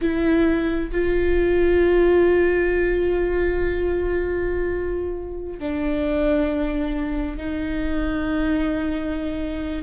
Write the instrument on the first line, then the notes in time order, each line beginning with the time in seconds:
viola
0.01 E4
0.91 F4
5.59 D4
7.37 D#4